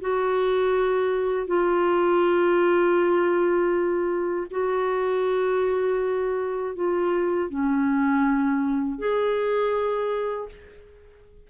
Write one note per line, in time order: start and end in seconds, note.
0.00 1.47 F#4
1.47 4.47 F4
4.50 6.75 F#4
6.75 7.49 F4
7.49 8.98 C#4
8.98 10.48 G#4